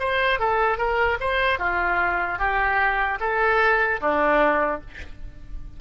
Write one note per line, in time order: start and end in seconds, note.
0.00 0.40 C5
0.40 0.78 A4
0.78 1.18 A#4
1.21 1.59 C5
1.59 2.39 F4
2.39 3.19 G4
3.20 4.00 A4
4.01 4.81 D4